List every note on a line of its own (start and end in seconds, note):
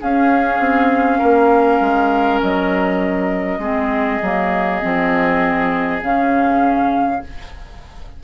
0.00 3.61 C#4
0.00 0.59 C#4
0.00 1.19 G#4
0.00 2.42 F5
0.59 1.19 C4
1.19 1.80 A#3
1.19 3.58 A#4
1.80 2.40 G#3
2.42 3.58 F#3
2.42 6.02 D#5
3.58 4.19 G#3
3.58 4.21 C4
3.58 7.21 G#4
4.22 4.82 F#3
4.22 4.82 A#3
4.82 6.02 F3
4.82 6.02 C4
6.02 7.22 C#3
6.02 7.22 C#4
6.02 7.24 F5